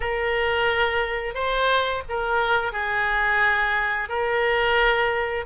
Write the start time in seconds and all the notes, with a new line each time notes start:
0.00 A#4
1.34 C5
2.08 A#4
2.72 G#4
4.08 A#4